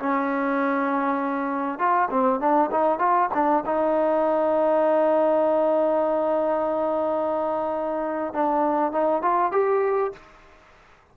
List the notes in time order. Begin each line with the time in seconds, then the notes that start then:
0.00 C#4
1.79 F4
2.11 C4
2.40 D4
2.72 D#4
2.99 F4
3.34 D4
3.66 D#4
8.34 D4
8.92 D#4
9.23 F4
9.52 G4